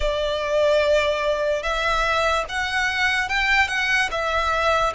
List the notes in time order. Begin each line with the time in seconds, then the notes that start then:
0.00 D5
1.62 E5
2.48 F#5
3.28 G5
3.68 F#5
4.11 E5